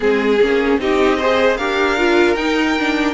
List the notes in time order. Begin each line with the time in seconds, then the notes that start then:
0.00 G#3 C4 G#4
0.41 A#3 C#4
0.78 C4 D#4 G4 D#5
1.18 G#4 C5
1.56 D4 G4 A#4 F5
1.97 F4
2.35 D#4 G5
2.78 D4